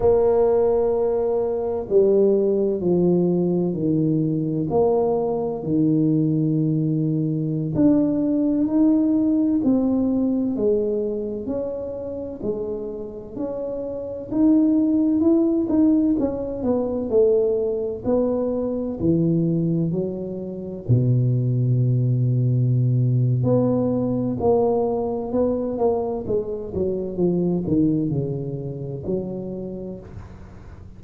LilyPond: \new Staff \with { instrumentName = "tuba" } { \time 4/4 \tempo 4 = 64 ais2 g4 f4 | dis4 ais4 dis2~ | dis16 d'4 dis'4 c'4 gis8.~ | gis16 cis'4 gis4 cis'4 dis'8.~ |
dis'16 e'8 dis'8 cis'8 b8 a4 b8.~ | b16 e4 fis4 b,4.~ b,16~ | b,4 b4 ais4 b8 ais8 | gis8 fis8 f8 dis8 cis4 fis4 | }